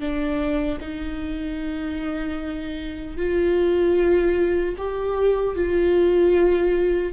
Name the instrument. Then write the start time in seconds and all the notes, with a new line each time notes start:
viola
0.00 D4
0.81 D#4
3.18 F4
4.78 G4
5.56 F4